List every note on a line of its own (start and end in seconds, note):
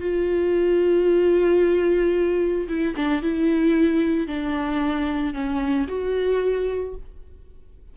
0.00 2.68 F4
2.68 2.95 E4
2.96 3.22 D4
3.22 4.28 E4
4.28 5.34 D4
5.34 5.87 C#4
5.88 6.95 F#4